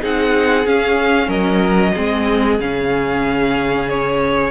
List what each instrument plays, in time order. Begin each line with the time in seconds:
0.00 cello C4, viola D#4, violin G#4 F#5
0.65 viola C#4, cello C#4, violin F5
1.27 cello F#3, violin A#4 D#5
1.93 cello G#3, viola C4, violin G#4
2.59 cello C#3, viola C#4, violin F5
3.89 violin C#5